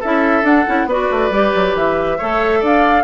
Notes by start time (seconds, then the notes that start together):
0.00 C#4 E4 A4 E5
0.43 D4 F#5
0.66 C#4 E4
0.86 B3 F#4 B4 D5
1.11 A3
1.30 G3 G4
1.55 F#3
1.74 E3 E5
2.18 A3 A4 C#5
2.60 D4 D5 F5